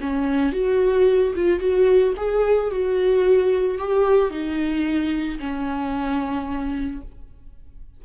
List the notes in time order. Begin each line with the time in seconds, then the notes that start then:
0.00 C#4
0.52 F#4
1.35 F4
1.59 F#4
2.16 G#4
2.71 F#4
3.78 G4
4.30 D#4
5.39 C#4